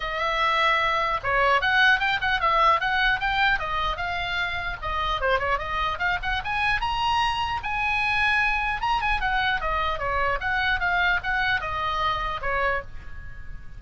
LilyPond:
\new Staff \with { instrumentName = "oboe" } { \time 4/4 \tempo 4 = 150 e''2. cis''4 | fis''4 g''8 fis''8 e''4 fis''4 | g''4 dis''4 f''2 | dis''4 c''8 cis''8 dis''4 f''8 fis''8 |
gis''4 ais''2 gis''4~ | gis''2 ais''8 gis''8 fis''4 | dis''4 cis''4 fis''4 f''4 | fis''4 dis''2 cis''4 | }